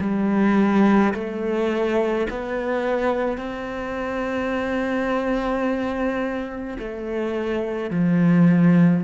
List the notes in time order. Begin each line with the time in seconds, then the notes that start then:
0.00 G3
1.14 A3
2.30 B3
3.38 C4
6.78 A3
7.90 F3